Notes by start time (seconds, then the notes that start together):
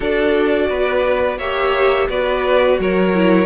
0.00 D4 F#4 A4 D5
0.69 B3 B4
1.38 A#3 G4 C#5 E5
2.09 B3 F#4 B4 D5
2.78 F#3 A#4 C#5
3.14 E4